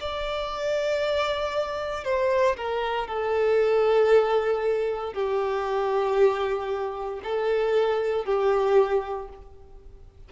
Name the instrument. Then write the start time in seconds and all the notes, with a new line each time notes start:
violin
0.00 D5
2.04 C5
2.56 A#4
3.07 A4
5.13 G4
7.23 A4
8.25 G4